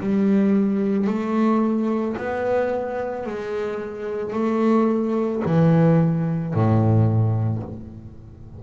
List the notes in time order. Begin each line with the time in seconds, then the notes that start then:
0.00 G3
1.07 A3
2.17 B3
3.26 G#3
4.33 A3
5.45 E3
6.54 A2